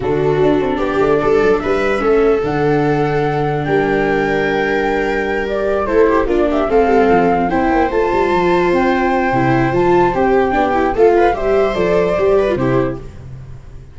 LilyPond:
<<
  \new Staff \with { instrumentName = "flute" } { \time 4/4 \tempo 4 = 148 a'2 d''2 | e''2 fis''2~ | fis''4 g''2.~ | g''4. d''4 c''4 d''8 |
e''8 f''2 g''4 a''8~ | a''4. g''2~ g''8 | a''4 g''2 f''4 | e''4 d''2 c''4 | }
  \new Staff \with { instrumentName = "viola" } { \time 4/4 fis'2 g'4 a'4 | b'4 a'2.~ | a'4 ais'2.~ | ais'2~ ais'8 a'8 g'8 f'8 |
g'8 a'2 c''4.~ | c''1~ | c''2 g'4 a'8 b'8 | c''2~ c''8 b'8 g'4 | }
  \new Staff \with { instrumentName = "viola" } { \time 4/4 d'1~ | d'4 cis'4 d'2~ | d'1~ | d'4. g'4 e'4 d'8~ |
d'8 c'2 e'4 f'8~ | f'2. e'4 | f'4 g'4 d'8 e'8 f'4 | g'4 a'4 g'8. f'16 e'4 | }
  \new Staff \with { instrumentName = "tuba" } { \time 4/4 d4 d'8 c'8 b8 a8 g8 fis8 | g4 a4 d2~ | d4 g2.~ | g2~ g8 a4 ais8~ |
ais8 a8 g8 f4 c'8 ais8 a8 | g8 f4 c'4. c4 | f4 c'4 b4 a4 | g4 f4 g4 c4 | }
>>